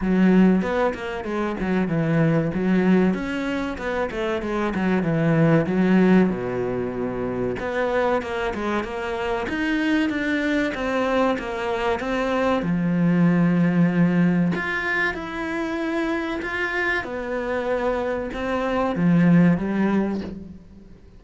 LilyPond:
\new Staff \with { instrumentName = "cello" } { \time 4/4 \tempo 4 = 95 fis4 b8 ais8 gis8 fis8 e4 | fis4 cis'4 b8 a8 gis8 fis8 | e4 fis4 b,2 | b4 ais8 gis8 ais4 dis'4 |
d'4 c'4 ais4 c'4 | f2. f'4 | e'2 f'4 b4~ | b4 c'4 f4 g4 | }